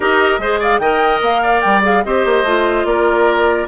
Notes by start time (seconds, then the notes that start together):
0.00 D#4 G4 A#4 D#5
0.38 G#3 G#4 C5
0.59 D5 F5
0.78 D#3 A#4 D#5 G5
1.21 A#3 F5
1.42 D5
1.61 G3 G5
1.82 G#4 F5
2.03 C4 G4 C5 D#5
2.25 A#3
2.43 A3 F4
2.84 A#3 A#4 D5